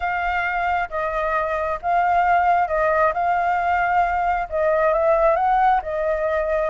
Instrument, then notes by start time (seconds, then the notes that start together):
flute
0.00 F5
0.89 D#5
1.82 F5
2.68 D#5
3.13 F5
4.49 D#5
4.93 E5
5.35 F#5
5.82 D#5